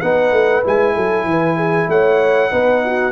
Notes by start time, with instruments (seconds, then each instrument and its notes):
0.00 tuba B3, trombone D#4, horn B4, trumpet F#5
0.31 tuba A3
0.64 tuba G#3, trombone E4, trumpet G#5
0.94 tuba F#3, horn A4
1.24 tuba E3, horn B4
1.57 horn G#4
1.88 tuba A3, horn C#5, trumpet F#5
2.51 tuba B3, trombone D#4, horn B4
2.84 horn F#4